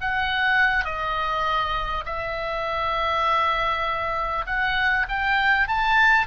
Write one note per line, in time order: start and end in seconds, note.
0.00 0.84 F#5
0.84 2.04 D#5
2.05 4.45 E5
4.46 5.06 F#5
5.08 5.68 G5
5.68 6.27 A5